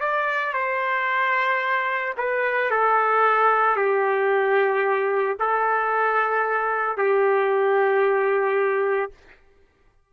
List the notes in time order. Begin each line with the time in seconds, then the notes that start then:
0.00 D5
0.53 C5
2.17 B4
2.70 A4
3.76 G4
5.39 A4
6.97 G4